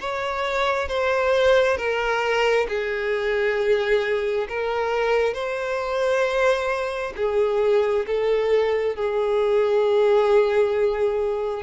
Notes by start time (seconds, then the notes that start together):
0.00 C#5
0.88 C5
1.77 A#4
2.68 G#4
4.49 A#4
5.34 C5
7.16 G#4
8.06 A4
8.96 G#4